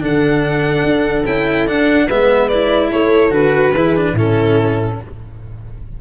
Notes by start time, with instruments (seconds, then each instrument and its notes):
0.00 tuba D3, cello D4, horn A4, violin F#5
0.83 tuba D4
1.26 tuba C#4, cello E4, violin G5
1.67 tuba D4, cello D4, violin F#5
2.07 tuba G#3, cello B3, horn B4, violin E5
2.48 cello E4, violin D5
2.91 tuba A3, horn A4, violin C#5
3.31 tuba D3, cello F#4, violin B4
3.73 tuba E3, cello E4, horn G#4
3.96 cello D4
4.13 tuba A2, cello C#4, horn E4, violin A4